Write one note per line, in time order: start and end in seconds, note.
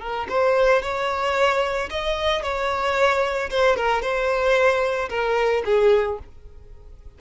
0.00 0.27 A#4
0.29 0.82 C5
0.82 1.89 C#5
1.90 2.43 D#5
2.43 3.50 C#5
3.50 3.76 C5
3.76 4.02 A#4
4.02 5.09 C5
5.09 5.63 A#4
5.65 6.19 G#4